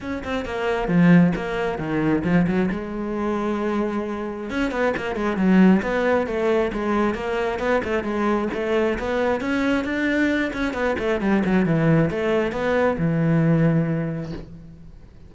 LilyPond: \new Staff \with { instrumentName = "cello" } { \time 4/4 \tempo 4 = 134 cis'8 c'8 ais4 f4 ais4 | dis4 f8 fis8 gis2~ | gis2 cis'8 b8 ais8 gis8 | fis4 b4 a4 gis4 |
ais4 b8 a8 gis4 a4 | b4 cis'4 d'4. cis'8 | b8 a8 g8 fis8 e4 a4 | b4 e2. | }